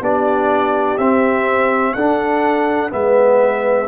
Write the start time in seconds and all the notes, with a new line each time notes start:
0.00 B3 D4 G4 D5
0.97 C4 E5
1.93 D4 A4 F#5
2.89 G#3 B3 B4 E5